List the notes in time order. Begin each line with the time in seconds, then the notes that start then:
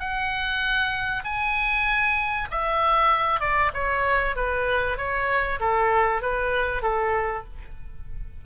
0.00 F#5
1.25 G#5
2.51 E5
3.41 D5
3.74 C#5
4.36 B4
4.98 C#5
5.60 A4
6.22 B4
6.82 A4